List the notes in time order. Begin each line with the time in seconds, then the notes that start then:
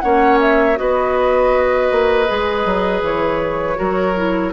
0.00 A#3 C#4 C#5 F#5
0.40 E5
0.75 B3 F#4 B4 D#5
1.91 A#3
2.27 G#3 G#4
2.65 F#3
3.02 E3 C#5
3.75 F#3 F#4 A#4
4.15 E4